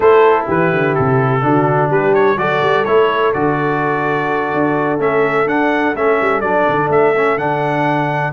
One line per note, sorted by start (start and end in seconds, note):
0.00 0.46 A3
0.00 1.41 E4
0.00 0.46 A4
0.00 0.46 C5
0.46 0.72 E3
0.46 1.42 G4
0.46 0.94 B4
0.72 0.96 D3
0.94 1.43 C3
0.94 1.90 A4
1.41 1.89 D3
1.41 2.36 D4
1.41 1.90 F#4
1.89 2.36 G3
1.89 2.37 G4
1.89 2.14 B4
2.14 2.37 C#5
2.36 2.60 F#3
2.36 2.85 F#4
2.36 8.33 A4
2.36 2.85 D5
2.61 2.85 G3
2.85 3.34 A3
2.85 3.33 E4
2.85 3.32 C#5
3.33 4.53 D3
3.33 4.99 F#4
3.33 5.00 D5
4.53 4.99 D4
4.99 5.46 A3
4.99 5.46 C#4
4.99 5.47 E5
5.46 5.93 D4
5.46 5.94 D4
5.46 5.95 F#5
5.95 6.18 A3
5.95 6.43 C#4
5.95 6.40 E5
6.21 6.41 G3
6.40 6.65 F#3
6.40 7.15 D4
6.40 6.88 D5
6.68 6.89 D3
6.89 7.36 A3
6.89 7.38 E5
7.16 7.38 C#4
7.36 8.32 D3
7.36 8.33 D4
7.36 8.33 F#5